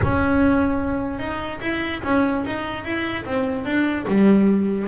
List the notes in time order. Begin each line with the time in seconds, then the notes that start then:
0.02 C#4
1.19 D#4
1.61 E4
2.03 C#4
2.46 D#4
2.84 E4
3.25 C4
3.65 D4
4.07 G3